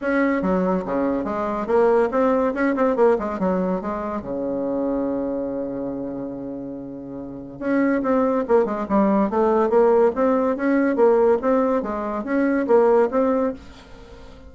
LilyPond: \new Staff \with { instrumentName = "bassoon" } { \time 4/4 \tempo 4 = 142 cis'4 fis4 cis4 gis4 | ais4 c'4 cis'8 c'8 ais8 gis8 | fis4 gis4 cis2~ | cis1~ |
cis2 cis'4 c'4 | ais8 gis8 g4 a4 ais4 | c'4 cis'4 ais4 c'4 | gis4 cis'4 ais4 c'4 | }